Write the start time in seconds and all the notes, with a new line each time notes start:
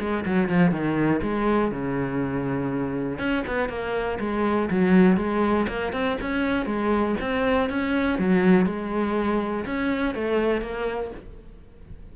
0.00 G#3
0.26 F#3
0.49 F3
0.72 D#3
1.23 G#3
1.72 C#3
3.19 C#4
3.47 B3
3.69 A#3
4.20 G#3
4.71 F#3
5.17 G#3
5.68 A#3
5.93 C4
6.21 C#4
6.66 G#3
7.21 C4
7.70 C#4
8.19 F#3
8.66 G#3
9.66 C#4
10.15 A3
10.62 A#3